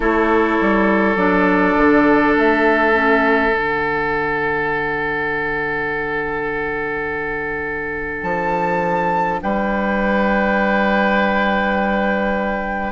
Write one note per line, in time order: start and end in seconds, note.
0.00 0.58 A3
0.00 1.16 E4
0.00 9.39 A4
0.00 1.16 C#5
0.60 1.16 G3
1.16 1.75 F#3
1.16 2.93 D4
1.16 2.34 D5
1.77 2.36 D3
2.36 3.53 A3
2.36 3.55 E5
2.93 3.51 C#4
3.51 8.23 D3
3.51 12.92 D4
3.51 8.23 F#5
8.23 9.40 F3
8.23 9.40 A5
9.41 12.92 G3
9.41 12.92 B4
9.41 12.92 G5